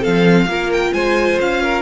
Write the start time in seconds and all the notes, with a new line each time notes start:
0.00 F3 C4 A4 F5
0.46 A#3 F4 A#4
0.72 G5
0.93 G#3 C5 G#5
1.41 C#4 F5
1.62 A#4